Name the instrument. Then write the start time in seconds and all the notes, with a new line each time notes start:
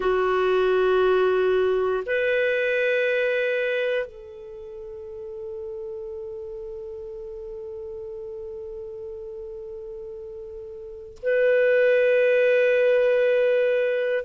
clarinet
0.00 F#4
2.06 B4
4.06 A4
11.22 B4